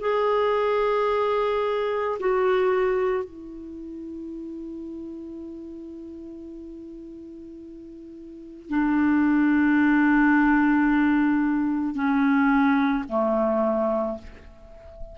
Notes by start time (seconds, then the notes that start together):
0.00 G#4
2.20 F#4
3.24 E4
8.69 D4
11.95 C#4
13.09 A3